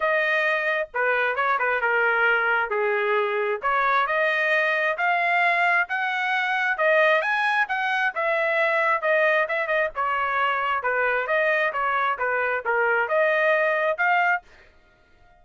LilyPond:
\new Staff \with { instrumentName = "trumpet" } { \time 4/4 \tempo 4 = 133 dis''2 b'4 cis''8 b'8 | ais'2 gis'2 | cis''4 dis''2 f''4~ | f''4 fis''2 dis''4 |
gis''4 fis''4 e''2 | dis''4 e''8 dis''8 cis''2 | b'4 dis''4 cis''4 b'4 | ais'4 dis''2 f''4 | }